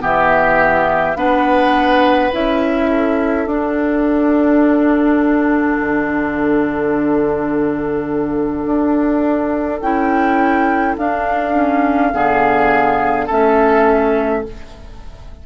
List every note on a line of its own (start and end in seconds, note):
0.00 1.15 E3
0.00 1.15 B3
0.00 1.17 G4
0.00 1.17 E5
1.15 2.31 B3
1.15 2.31 D4
1.15 2.90 B4
1.15 2.32 F#5
2.32 3.46 C#4
2.32 3.47 E4
2.32 3.48 E5
2.90 12.13 A4
3.46 5.77 D4
3.46 9.83 D4
3.46 9.81 F#5
5.80 8.65 D3
8.65 9.81 D4
9.81 10.96 C#4
9.81 10.98 E4
9.81 10.96 G5
10.98 12.13 D4
10.98 11.55 D4
10.98 13.29 F5
11.55 12.12 C#4
12.13 13.29 D3
12.13 13.28 B3
12.13 13.26 G#4
13.26 14.46 A3
13.26 14.44 C#4
13.26 14.41 A4
13.26 14.45 E5